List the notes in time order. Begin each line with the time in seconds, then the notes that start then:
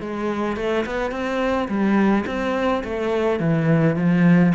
0.00 G#3
0.56 A3
0.85 B3
1.11 C4
1.68 G3
2.26 C4
2.84 A3
3.39 E3
3.96 F3